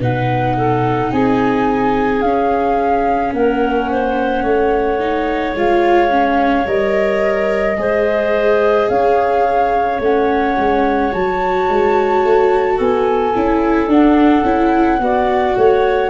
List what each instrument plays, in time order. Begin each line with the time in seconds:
0.00 tuba B2, viola D#4, clarinet B4, flute F#5
0.57 clarinet A4
1.12 tuba C4, clarinet G#4, flute G#5
2.22 tuba C#4, viola C#4, flute F5
3.33 tuba A#3, clarinet A#4, flute F#5
3.91 clarinet C5
4.43 tuba A3, clarinet C#5
5.00 viola D#4
5.55 tuba G#3, viola F4, flute F5
6.10 viola C#4
6.66 tuba G3, viola A#4, flute D#5
7.78 tuba G#3, viola G#4, clarinet C5
8.89 tuba C#4, clarinet C#5, flute F5
10.00 tuba A3, viola C#4, flute F#5
10.58 tuba G#3
11.12 tuba F#3, viola F#4, flute A5
11.69 tuba G#3
12.24 tuba A3
12.76 tuba B3, clarinet A4, flute G#5
13.35 tuba C#4, viola E4
13.87 tuba D4, viola D4, flute F#5
14.44 tuba C#4, viola E4
14.99 tuba B3, viola F#4, clarinet D5
15.57 tuba A3, clarinet C#5